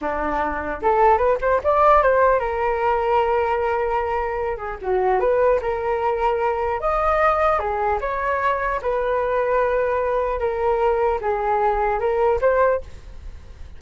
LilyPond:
\new Staff \with { instrumentName = "flute" } { \time 4/4 \tempo 4 = 150 d'2 a'4 b'8 c''8 | d''4 c''4 ais'2~ | ais'2.~ ais'8 gis'8 | fis'4 b'4 ais'2~ |
ais'4 dis''2 gis'4 | cis''2 b'2~ | b'2 ais'2 | gis'2 ais'4 c''4 | }